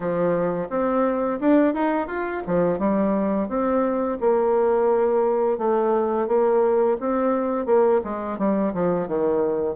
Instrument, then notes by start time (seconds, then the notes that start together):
bassoon
0.00 F3
0.69 C4
1.40 D4
1.74 D#4
2.07 F4
2.46 F3
2.78 G3
3.48 C4
4.20 A#3
5.58 A3
6.27 A#3
7.00 C4
7.66 A#3
8.04 G#3
8.38 G3
8.73 F3
9.07 D#3